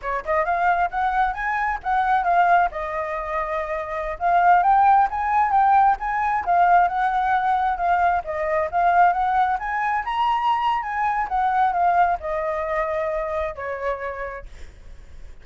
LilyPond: \new Staff \with { instrumentName = "flute" } { \time 4/4 \tempo 4 = 133 cis''8 dis''8 f''4 fis''4 gis''4 | fis''4 f''4 dis''2~ | dis''4~ dis''16 f''4 g''4 gis''8.~ | gis''16 g''4 gis''4 f''4 fis''8.~ |
fis''4~ fis''16 f''4 dis''4 f''8.~ | f''16 fis''4 gis''4 ais''4.~ ais''16 | gis''4 fis''4 f''4 dis''4~ | dis''2 cis''2 | }